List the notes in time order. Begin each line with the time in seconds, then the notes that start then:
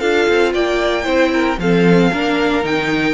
0.00 D4 F4 A4 F5
0.29 C4
0.54 A#3 D5 G5
1.04 C4 E4 C5
1.33 A#4
1.58 F3 C4 A4 F5
2.11 A#3 D4 A#4
2.63 D#3 D#4 G5